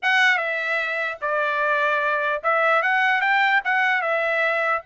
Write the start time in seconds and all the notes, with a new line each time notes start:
0.02 F#5
0.37 E5
1.21 D5
2.43 E5
2.82 F#5
3.21 G5
3.64 F#5
4.01 E5